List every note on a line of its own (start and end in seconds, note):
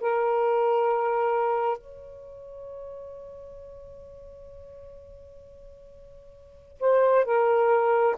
0.00 1.78 A#4
1.78 6.78 C#5
6.80 7.24 C5
7.24 8.15 A#4